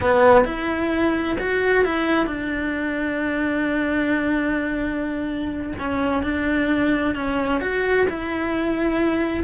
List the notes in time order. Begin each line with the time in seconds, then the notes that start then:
0.00 B3
0.44 E4
1.39 F#4
1.84 E4
2.26 D4
5.79 C#4
6.22 D4
7.14 C#4
7.60 F#4
8.09 E4